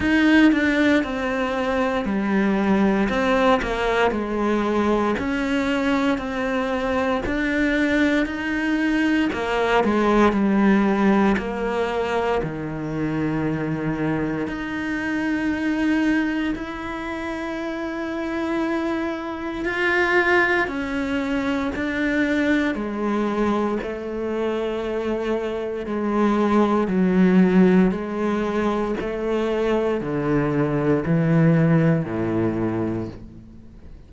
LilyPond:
\new Staff \with { instrumentName = "cello" } { \time 4/4 \tempo 4 = 58 dis'8 d'8 c'4 g4 c'8 ais8 | gis4 cis'4 c'4 d'4 | dis'4 ais8 gis8 g4 ais4 | dis2 dis'2 |
e'2. f'4 | cis'4 d'4 gis4 a4~ | a4 gis4 fis4 gis4 | a4 d4 e4 a,4 | }